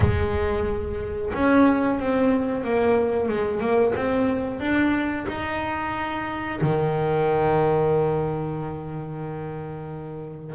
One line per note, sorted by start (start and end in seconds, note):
0.00 1.32 G#3
1.33 1.99 C#4
1.99 2.64 C4
2.64 3.28 A#3
3.28 3.60 G#3
3.60 3.93 A#3
3.95 4.60 C4
4.60 5.26 D4
5.27 6.59 D#4
6.61 10.55 D#3